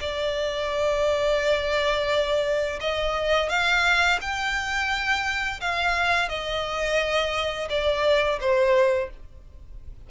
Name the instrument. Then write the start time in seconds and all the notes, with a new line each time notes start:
violin
0.00 D5
2.80 D#5
3.49 F5
4.21 G5
5.61 F5
6.29 D#5
7.69 D5
8.40 C5